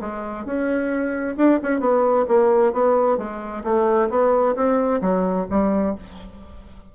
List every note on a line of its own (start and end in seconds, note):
0.00 0.45 G#3
0.45 1.36 C#4
1.36 1.59 D4
1.62 1.80 C#4
1.80 2.25 B3
2.28 2.72 A#3
2.72 3.17 B3
3.17 3.63 G#3
3.63 4.09 A3
4.09 4.55 B3
4.55 5.01 C4
5.01 5.46 F#3
5.50 5.95 G3